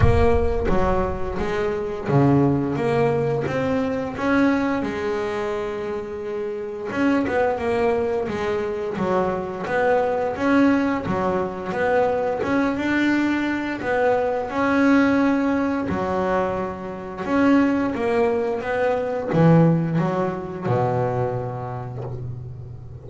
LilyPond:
\new Staff \with { instrumentName = "double bass" } { \time 4/4 \tempo 4 = 87 ais4 fis4 gis4 cis4 | ais4 c'4 cis'4 gis4~ | gis2 cis'8 b8 ais4 | gis4 fis4 b4 cis'4 |
fis4 b4 cis'8 d'4. | b4 cis'2 fis4~ | fis4 cis'4 ais4 b4 | e4 fis4 b,2 | }